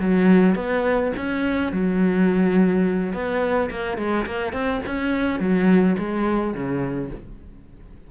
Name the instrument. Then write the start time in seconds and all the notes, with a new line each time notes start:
cello
0.00 F#3
0.55 B3
1.17 C#4
1.72 F#3
3.13 B3
3.71 A#3
3.98 G#3
4.26 A#3
4.53 C4
4.87 C#4
5.40 F#3
5.98 G#3
6.54 C#3